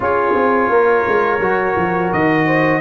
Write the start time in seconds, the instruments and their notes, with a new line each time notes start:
0.00 tuba C#4, trombone F4, horn G#4, trumpet C#5
0.34 tuba C4
0.69 tuba A#3, horn A#4
1.07 tuba G#3
1.39 tuba F#3, trombone F#4
1.76 tuba F3
2.12 tuba D#3, trumpet D#5
2.46 horn C5